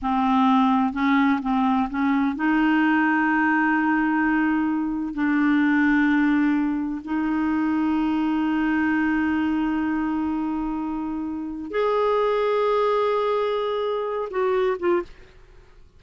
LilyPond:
\new Staff \with { instrumentName = "clarinet" } { \time 4/4 \tempo 4 = 128 c'2 cis'4 c'4 | cis'4 dis'2.~ | dis'2. d'4~ | d'2. dis'4~ |
dis'1~ | dis'1~ | dis'4 gis'2.~ | gis'2~ gis'8 fis'4 f'8 | }